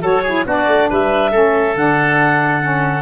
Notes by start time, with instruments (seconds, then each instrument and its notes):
0.00 tuba F#3, saxophone F#4, oboe A4, clarinet C#5
0.23 saxophone E4, oboe G#4
0.45 tuba B3, saxophone D4, oboe F#4, clarinet D5
0.67 tuba A3
0.89 tuba G3, oboe B4, clarinet E5
1.31 tuba A3, saxophone C#4, oboe A4
1.75 tuba D3, saxophone D4, clarinet F#5
2.61 saxophone C#4